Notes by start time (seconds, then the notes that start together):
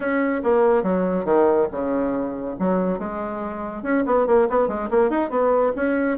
0.00 C#4
0.43 A#3
0.83 F#3
1.24 D#3
1.71 C#3
2.59 F#3
2.98 G#3
3.82 C#4
4.06 B3
4.26 A#3
4.49 B3
4.68 G#3
4.90 A#3
5.09 D#4
5.29 B3
5.76 C#4